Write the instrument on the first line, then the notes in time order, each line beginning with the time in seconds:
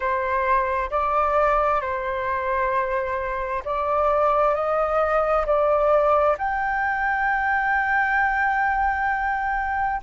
flute
0.00 C5
0.90 D5
1.81 C5
3.64 D5
4.55 D#5
5.45 D5
6.38 G5